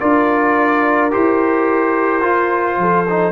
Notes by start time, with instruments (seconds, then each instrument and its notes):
0.00 tuba D4, trombone F4, horn A#4, trumpet D5
1.11 tuba E4, trombone G4, trumpet C5
2.22 trombone F4, tuba F4
2.77 tuba F3, horn A4
3.09 trombone D#4